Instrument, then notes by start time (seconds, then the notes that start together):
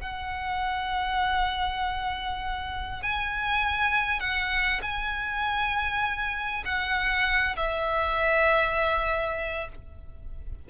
violin
0.00 F#5
3.02 G#5
4.20 F#5
4.82 G#5
6.65 F#5
7.56 E5